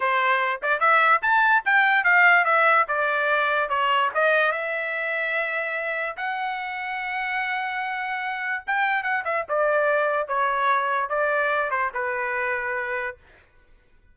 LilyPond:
\new Staff \with { instrumentName = "trumpet" } { \time 4/4 \tempo 4 = 146 c''4. d''8 e''4 a''4 | g''4 f''4 e''4 d''4~ | d''4 cis''4 dis''4 e''4~ | e''2. fis''4~ |
fis''1~ | fis''4 g''4 fis''8 e''8 d''4~ | d''4 cis''2 d''4~ | d''8 c''8 b'2. | }